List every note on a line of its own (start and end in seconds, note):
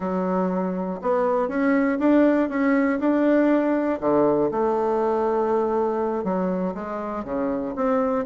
0.00 1.00 F#3
1.01 1.48 B3
1.48 1.98 C#4
1.99 2.49 D4
2.49 2.99 C#4
2.99 3.99 D4
4.00 4.50 D3
4.51 6.23 A3
6.23 6.73 F#3
6.74 7.24 G#3
7.24 7.74 C#3
7.75 8.25 C4